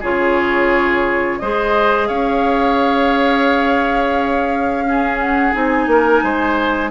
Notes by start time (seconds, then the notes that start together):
0.00 C#3 F4 G#4 C#5
1.39 G#3 G#4 C5 D#5
2.08 C#4 C#5 F5
4.85 C#4 G#4
5.19 F#5
5.53 C4 D#4 G#5
5.87 A#3 A#4
6.23 G#3 C5